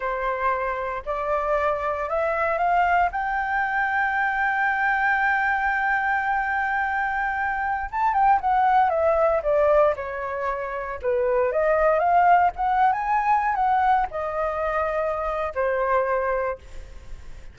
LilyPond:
\new Staff \with { instrumentName = "flute" } { \time 4/4 \tempo 4 = 116 c''2 d''2 | e''4 f''4 g''2~ | g''1~ | g''2.~ g''16 a''8 g''16~ |
g''16 fis''4 e''4 d''4 cis''8.~ | cis''4~ cis''16 b'4 dis''4 f''8.~ | f''16 fis''8. gis''4~ gis''16 fis''4 dis''8.~ | dis''2 c''2 | }